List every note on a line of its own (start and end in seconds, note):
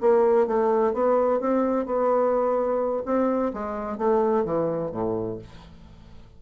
0.00 0.47 A#3
0.47 0.93 A3
0.93 1.40 B3
1.40 1.86 C4
1.86 3.03 B3
3.05 3.52 C4
3.53 3.98 G#3
3.98 4.44 A3
4.44 4.91 E3
4.91 5.38 A2